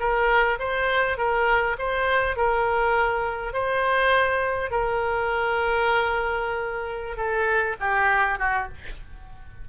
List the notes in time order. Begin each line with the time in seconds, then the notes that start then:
0.00 A#4
0.59 C5
1.18 A#4
1.79 C5
2.37 A#4
3.53 C5
4.71 A#4
7.17 A4
7.80 G4
8.39 F#4